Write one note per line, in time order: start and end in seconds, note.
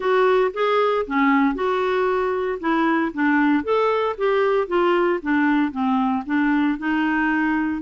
0.00 0.51 F#4
0.53 1.06 G#4
1.06 1.54 C#4
1.54 2.58 F#4
2.59 3.12 E4
3.13 3.63 D4
3.63 4.15 A4
4.17 4.67 G4
4.67 5.20 F4
5.22 5.71 D4
5.71 6.23 C4
6.26 6.78 D4
6.78 7.81 D#4